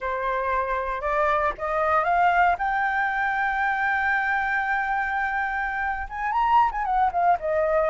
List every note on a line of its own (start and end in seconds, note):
0.00 1.01 C5
1.01 1.53 D5
1.58 2.04 D#5
2.04 2.56 F5
2.58 6.07 G5
6.09 6.32 G#5
6.32 6.70 A#5
6.71 6.84 G#5
6.84 7.10 F#5
7.11 7.37 F5
7.39 7.89 D#5